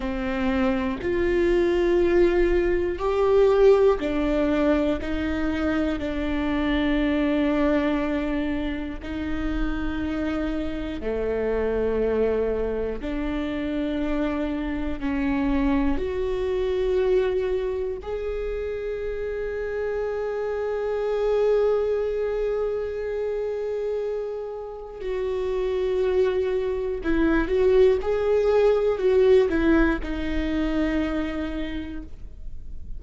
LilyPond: \new Staff \with { instrumentName = "viola" } { \time 4/4 \tempo 4 = 60 c'4 f'2 g'4 | d'4 dis'4 d'2~ | d'4 dis'2 a4~ | a4 d'2 cis'4 |
fis'2 gis'2~ | gis'1~ | gis'4 fis'2 e'8 fis'8 | gis'4 fis'8 e'8 dis'2 | }